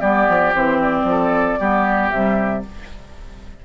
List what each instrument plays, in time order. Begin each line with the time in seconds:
0.00 bassoon G3, clarinet B3, oboe G4, flute D5
0.29 bassoon F3
0.54 bassoon E3, clarinet C4, flute C5
0.82 flute D5
1.04 bassoon F3
1.10 oboe A4
1.59 bassoon G3, clarinet B3, oboe G4
2.10 bassoon C3, clarinet G3, flute E5